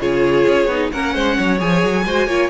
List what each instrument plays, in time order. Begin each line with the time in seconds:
0.00 cello C#3, viola F4, violin G#4 C#5
0.47 cello C#4
0.66 cello B3, viola D#4
0.91 cello A#3, viola C#4, violin A#4 F#5
1.14 cello G#3, violin C5
1.37 cello F#3, violin C#5
1.59 cello F3, viola G#4, violin G#5
1.83 cello F#3
2.05 cello G#3, viola F#4, violin C5
2.27 cello A#3, viola F4, violin C#5